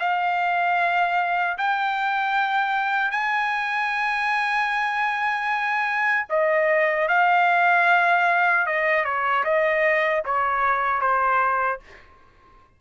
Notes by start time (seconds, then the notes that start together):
0.00 F5
1.58 G5
3.11 G#5
6.30 D#5
7.09 F5
8.66 D#5
9.05 C#5
9.45 D#5
10.26 C#5
11.01 C5